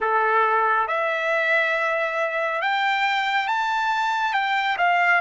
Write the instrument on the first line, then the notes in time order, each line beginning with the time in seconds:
trumpet
0.00 A4
0.87 E5
2.61 G5
3.47 A5
4.33 G5
4.77 F5